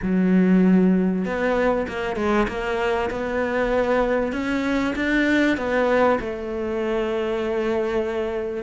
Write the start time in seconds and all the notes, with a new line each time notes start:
0.02 F#3
1.25 B3
1.88 A#3
2.16 G#3
2.47 A#3
3.10 B3
4.32 C#4
4.95 D4
5.57 B3
6.19 A3